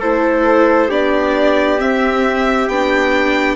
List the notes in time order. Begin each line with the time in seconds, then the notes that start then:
0.00 A3 E4 A4 C5
0.89 B3 D4 G4 D5
1.77 C4 E5
2.68 B3 D4 G5